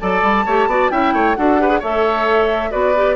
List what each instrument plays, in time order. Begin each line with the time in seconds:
0.00 bassoon F#3, clarinet A4, oboe D5, flute A5
0.22 bassoon G3
0.45 bassoon A3, clarinet G4, oboe C#5
0.66 bassoon B3, clarinet F#4, oboe D5
0.90 bassoon C#4, clarinet E4, oboe E5, flute G5
1.13 bassoon A3, oboe C#5
1.35 bassoon D4, clarinet F#4, oboe A4, flute F#5
1.59 clarinet G4, oboe B4
1.68 clarinet G#4
1.79 bassoon A3, clarinet A4, oboe C#5, flute E5
2.71 bassoon B3, clarinet F#4, oboe B4, flute D5
2.96 clarinet G4